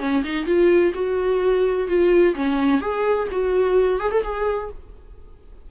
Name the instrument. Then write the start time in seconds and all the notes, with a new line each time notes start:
viola
0.00 C#4
0.24 D#4
0.46 F4
0.94 F#4
1.88 F4
2.35 C#4
2.81 G#4
3.32 F#4
4.00 G#4
4.12 A4
4.23 G#4